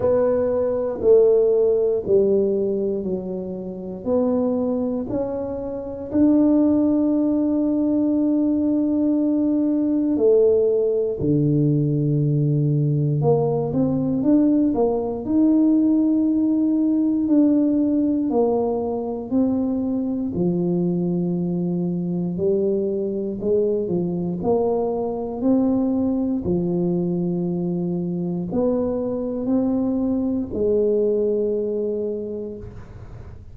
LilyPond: \new Staff \with { instrumentName = "tuba" } { \time 4/4 \tempo 4 = 59 b4 a4 g4 fis4 | b4 cis'4 d'2~ | d'2 a4 d4~ | d4 ais8 c'8 d'8 ais8 dis'4~ |
dis'4 d'4 ais4 c'4 | f2 g4 gis8 f8 | ais4 c'4 f2 | b4 c'4 gis2 | }